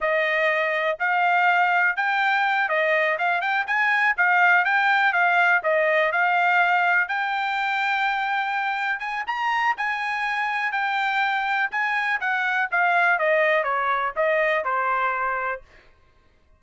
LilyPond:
\new Staff \with { instrumentName = "trumpet" } { \time 4/4 \tempo 4 = 123 dis''2 f''2 | g''4. dis''4 f''8 g''8 gis''8~ | gis''8 f''4 g''4 f''4 dis''8~ | dis''8 f''2 g''4.~ |
g''2~ g''8 gis''8 ais''4 | gis''2 g''2 | gis''4 fis''4 f''4 dis''4 | cis''4 dis''4 c''2 | }